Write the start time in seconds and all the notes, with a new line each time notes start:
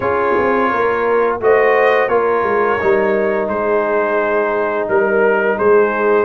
0.00 C#4 F4 G#4 C#5
0.38 C4
0.70 A#3 A#4
1.40 A3 F#4 C5 D#5
2.08 A#3 F4 A#4 C#5
2.43 G#3
2.80 G3 D#4
3.48 G#3 G#4 C5
4.88 G3 A#4
5.56 G#3 G#4 C5